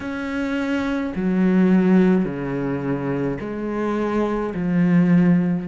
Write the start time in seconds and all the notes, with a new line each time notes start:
0.00 C#4
1.15 F#3
2.24 C#3
3.40 G#3
4.54 F3